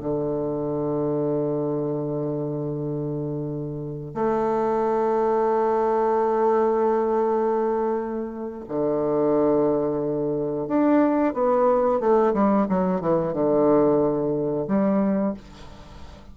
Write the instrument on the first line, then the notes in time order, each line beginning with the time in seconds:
bassoon
0.00 D3
4.15 A3
8.69 D3
10.68 D4
11.34 B3
12.00 A3
12.34 G3
12.69 F#3
13.01 E3
13.34 D3
14.68 G3